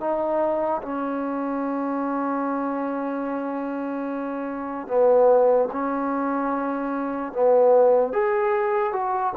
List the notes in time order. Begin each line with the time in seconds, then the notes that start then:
0.00 D#4
0.82 C#4
4.87 B3
5.72 C#4
7.32 B3
8.12 G#4
8.92 F#4